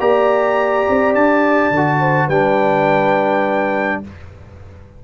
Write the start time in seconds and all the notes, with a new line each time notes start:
0.00 A#3 G4 D5 A#5
0.89 C4
1.15 D4 A5
1.71 D3 F#4
2.00 C5
2.26 G3 D4 B4 G5